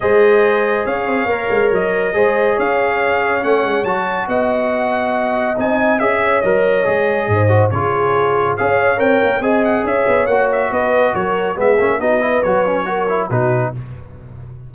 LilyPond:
<<
  \new Staff \with { instrumentName = "trumpet" } { \time 4/4 \tempo 4 = 140 dis''2 f''2 | dis''2 f''2 | fis''4 a''4 fis''2~ | fis''4 gis''4 e''4 dis''4~ |
dis''2 cis''2 | f''4 g''4 gis''8 fis''8 e''4 | fis''8 e''8 dis''4 cis''4 e''4 | dis''4 cis''2 b'4 | }
  \new Staff \with { instrumentName = "horn" } { \time 4/4 c''2 cis''2~ | cis''4 c''4 cis''2~ | cis''2 dis''2~ | dis''2~ dis''8 cis''4.~ |
cis''4 c''4 gis'2 | cis''2 dis''4 cis''4~ | cis''4 b'4 ais'4 gis'4 | fis'8 b'4. ais'4 fis'4 | }
  \new Staff \with { instrumentName = "trombone" } { \time 4/4 gis'2. ais'4~ | ais'4 gis'2. | cis'4 fis'2.~ | fis'4 dis'4 gis'4 ais'4 |
gis'4. fis'8 f'2 | gis'4 ais'4 gis'2 | fis'2. b8 cis'8 | dis'8 e'8 fis'8 cis'8 fis'8 e'8 dis'4 | }
  \new Staff \with { instrumentName = "tuba" } { \time 4/4 gis2 cis'8 c'8 ais8 gis8 | fis4 gis4 cis'2 | a8 gis8 fis4 b2~ | b4 c'4 cis'4 fis4 |
gis4 gis,4 cis2 | cis'4 c'8 ais8 c'4 cis'8 b8 | ais4 b4 fis4 gis8 ais8 | b4 fis2 b,4 | }
>>